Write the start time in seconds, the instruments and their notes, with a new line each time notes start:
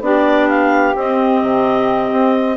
0.00 bassoon B3, clarinet D4 D5, saxophone G4
0.48 clarinet F5
0.95 bassoon C4, clarinet C4 D#5
1.41 bassoon C3
2.12 bassoon C4